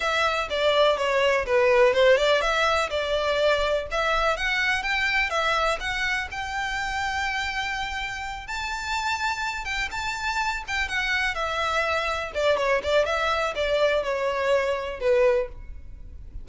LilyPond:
\new Staff \with { instrumentName = "violin" } { \time 4/4 \tempo 4 = 124 e''4 d''4 cis''4 b'4 | c''8 d''8 e''4 d''2 | e''4 fis''4 g''4 e''4 | fis''4 g''2.~ |
g''4. a''2~ a''8 | g''8 a''4. g''8 fis''4 e''8~ | e''4. d''8 cis''8 d''8 e''4 | d''4 cis''2 b'4 | }